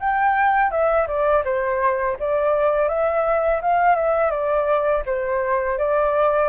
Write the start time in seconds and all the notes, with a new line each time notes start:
0.00 G5
0.71 E5
1.08 D5
1.45 C5
2.20 D5
2.89 E5
3.62 F5
3.95 E5
4.31 D5
5.06 C5
5.78 D5